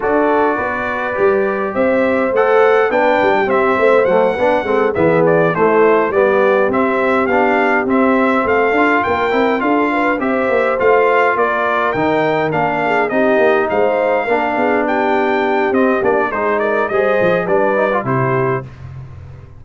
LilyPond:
<<
  \new Staff \with { instrumentName = "trumpet" } { \time 4/4 \tempo 4 = 103 d''2. e''4 | fis''4 g''4 e''4 fis''4~ | fis''8 e''8 d''8 c''4 d''4 e''8~ | e''8 f''4 e''4 f''4 g''8~ |
g''8 f''4 e''4 f''4 d''8~ | d''8 g''4 f''4 dis''4 f''8~ | f''4. g''4. dis''8 d''8 | c''8 d''8 dis''4 d''4 c''4 | }
  \new Staff \with { instrumentName = "horn" } { \time 4/4 a'4 b'2 c''4~ | c''4 b'8. g'8. c''4 b'8 | a'8 gis'4 e'4 g'4.~ | g'2~ g'8 a'4 ais'8~ |
ais'8 a'8 b'8 c''2 ais'8~ | ais'2 gis'8 g'4 c''8~ | c''8 ais'8 gis'8 g'2~ g'8 | gis'8 ais'8 c''4 b'4 g'4 | }
  \new Staff \with { instrumentName = "trombone" } { \time 4/4 fis'2 g'2 | a'4 d'4 c'4 a8 d'8 | c'8 b4 a4 b4 c'8~ | c'8 d'4 c'4. f'4 |
e'8 f'4 g'4 f'4.~ | f'8 dis'4 d'4 dis'4.~ | dis'8 d'2~ d'8 c'8 d'8 | dis'4 gis'4 d'8 dis'16 f'16 e'4 | }
  \new Staff \with { instrumentName = "tuba" } { \time 4/4 d'4 b4 g4 c'4 | a4 b8 g8 c'8 a8 fis8 b8 | gis8 e4 a4 g4 c'8~ | c'8 b4 c'4 a8 d'8 ais8 |
c'8 d'4 c'8 ais8 a4 ais8~ | ais8 dis4 ais4 c'8 ais8 gis8~ | gis8 ais8 b2 c'8 ais8 | gis4 g8 f8 g4 c4 | }
>>